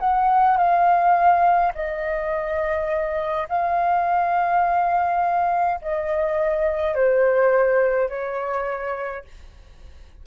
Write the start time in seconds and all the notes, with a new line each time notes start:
0.00 F#5
0.58 F5
1.75 D#5
3.49 F5
5.82 D#5
6.95 C5
8.10 C#5